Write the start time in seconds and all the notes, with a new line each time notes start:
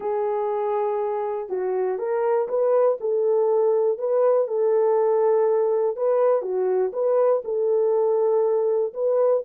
0.00 G#4
1.49 F#4
1.98 A#4
2.48 B4
3.00 A4
3.98 B4
4.47 A4
5.96 B4
6.42 F#4
6.92 B4
7.44 A4
8.93 B4